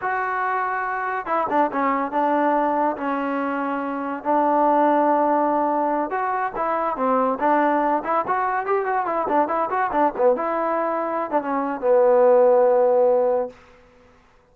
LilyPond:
\new Staff \with { instrumentName = "trombone" } { \time 4/4 \tempo 4 = 142 fis'2. e'8 d'8 | cis'4 d'2 cis'4~ | cis'2 d'2~ | d'2~ d'8 fis'4 e'8~ |
e'8 c'4 d'4. e'8 fis'8~ | fis'8 g'8 fis'8 e'8 d'8 e'8 fis'8 d'8 | b8 e'2~ e'16 d'16 cis'4 | b1 | }